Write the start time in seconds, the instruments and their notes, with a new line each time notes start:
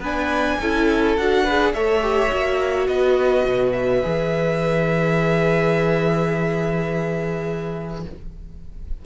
0.00 cello B3, viola D4, violin B4 G#5
0.61 cello C#4, viola E4, violin A4
1.17 cello D4, viola F#4, violin F#5
1.44 viola G#4, violin B4
1.74 cello A3, viola A4, violin C#5 E5
2.02 viola G4
2.29 cello A#3, viola F#4
2.88 cello B3, violin B4 D#5
3.46 cello B2
3.73 violin E5
4.03 cello E3, viola G#4